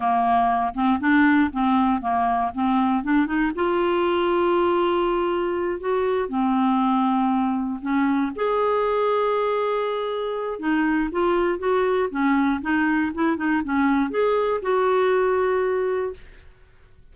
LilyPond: \new Staff \with { instrumentName = "clarinet" } { \time 4/4 \tempo 4 = 119 ais4. c'8 d'4 c'4 | ais4 c'4 d'8 dis'8 f'4~ | f'2.~ f'8 fis'8~ | fis'8 c'2. cis'8~ |
cis'8 gis'2.~ gis'8~ | gis'4 dis'4 f'4 fis'4 | cis'4 dis'4 e'8 dis'8 cis'4 | gis'4 fis'2. | }